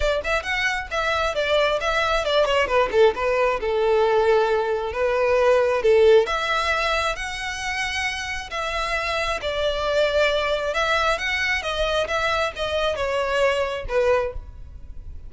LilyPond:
\new Staff \with { instrumentName = "violin" } { \time 4/4 \tempo 4 = 134 d''8 e''8 fis''4 e''4 d''4 | e''4 d''8 cis''8 b'8 a'8 b'4 | a'2. b'4~ | b'4 a'4 e''2 |
fis''2. e''4~ | e''4 d''2. | e''4 fis''4 dis''4 e''4 | dis''4 cis''2 b'4 | }